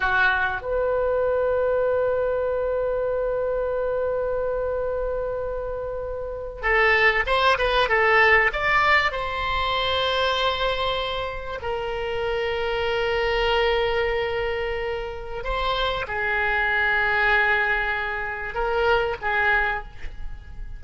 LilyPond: \new Staff \with { instrumentName = "oboe" } { \time 4/4 \tempo 4 = 97 fis'4 b'2.~ | b'1~ | b'2~ b'8. a'4 c''16~ | c''16 b'8 a'4 d''4 c''4~ c''16~ |
c''2~ c''8. ais'4~ ais'16~ | ais'1~ | ais'4 c''4 gis'2~ | gis'2 ais'4 gis'4 | }